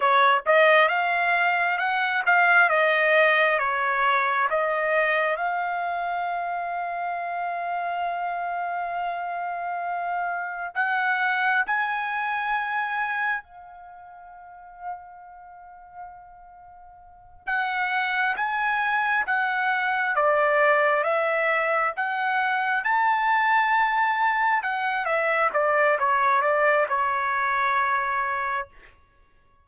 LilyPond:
\new Staff \with { instrumentName = "trumpet" } { \time 4/4 \tempo 4 = 67 cis''8 dis''8 f''4 fis''8 f''8 dis''4 | cis''4 dis''4 f''2~ | f''1 | fis''4 gis''2 f''4~ |
f''2.~ f''8 fis''8~ | fis''8 gis''4 fis''4 d''4 e''8~ | e''8 fis''4 a''2 fis''8 | e''8 d''8 cis''8 d''8 cis''2 | }